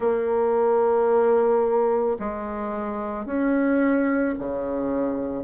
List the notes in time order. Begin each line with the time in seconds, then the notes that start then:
0.00 A#3
2.19 G#3
3.25 C#4
4.38 C#3